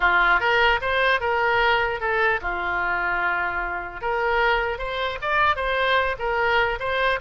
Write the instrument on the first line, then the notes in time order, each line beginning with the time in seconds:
oboe
0.00 F4
0.40 A#4
0.81 C5
1.20 A#4
2.00 A4
2.41 F4
4.01 A#4
4.78 C5
5.21 D5
5.56 C5
6.18 A#4
6.79 C5